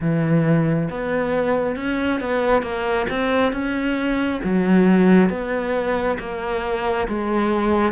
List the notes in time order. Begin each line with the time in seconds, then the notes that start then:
0.00 E3
0.90 B3
1.76 C#4
2.20 B3
2.62 A#3
3.09 C4
3.52 C#4
4.43 F#3
5.29 B3
6.19 A#3
7.07 G#3